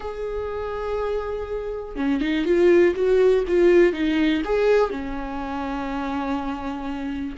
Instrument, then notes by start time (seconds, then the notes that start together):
viola
0.00 G#4
1.96 C#4
2.21 D#4
2.45 F4
2.95 F#4
3.47 F4
3.92 D#4
4.44 G#4
4.90 C#4